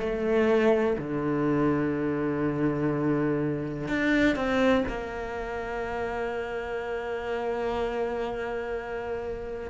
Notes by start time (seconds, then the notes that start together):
0.00 A3
0.98 D3
3.88 D4
4.36 C4
4.88 A#3